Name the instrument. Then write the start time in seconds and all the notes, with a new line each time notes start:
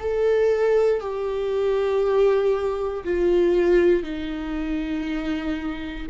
viola
0.00 A4
1.00 G4
3.04 F4
4.03 D#4